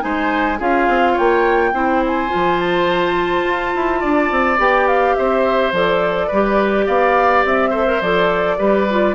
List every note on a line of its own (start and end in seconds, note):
0.00 0.60 G#3
0.00 0.57 D#4
0.00 0.59 C5
0.00 0.59 G#5
0.59 0.88 C#4
0.59 1.74 F4
0.59 1.13 G#4
0.59 1.18 F5
0.88 1.16 C4
1.13 1.70 C#5
1.13 2.04 G5
1.19 1.73 A#3
1.73 2.30 C4
1.73 2.29 E4
1.73 4.00 C5
2.06 2.60 G#5
2.29 4.57 F4
2.35 3.44 F3
2.60 4.60 A5
3.44 3.73 F4
3.75 4.03 E4
4.00 4.31 D4
4.00 5.15 D5
4.31 4.58 C4
4.58 5.15 B3
4.58 5.72 G4
4.58 4.88 G5
4.88 5.15 F5
5.15 5.72 C4
5.15 6.27 C5
5.15 5.72 E5
5.72 6.29 F3
5.72 6.31 A4
5.72 6.87 D5
6.27 6.87 G3
6.27 7.72 G4
6.27 6.85 B4
6.87 7.45 B3
6.87 7.70 D5
6.87 7.44 F5
7.45 8.02 C4
7.45 8.02 E5
7.70 7.86 A4
7.70 8.56 C5
7.87 8.01 A#4
8.02 8.59 F3
8.02 8.58 A4
8.02 9.15 D5
8.58 9.15 G3
8.58 8.87 G4
8.58 9.15 B4
8.90 9.15 F4